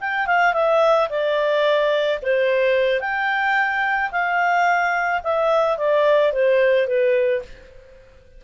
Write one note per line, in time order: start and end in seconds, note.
0.00 0.26 G5
0.26 0.53 F5
0.53 1.08 E5
1.09 2.19 D5
2.22 3.00 C5
3.00 4.10 G5
4.11 5.21 F5
5.23 5.77 E5
5.77 6.32 D5
6.32 6.87 C5
6.87 7.42 B4